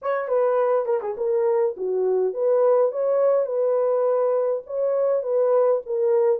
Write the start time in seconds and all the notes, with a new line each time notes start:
0.02 C#5
0.28 B4
0.85 A#4
1.01 G#4
1.17 A#4
1.77 F#4
2.33 B4
2.91 C#5
3.46 B4
4.66 C#5
5.23 B4
5.85 A#4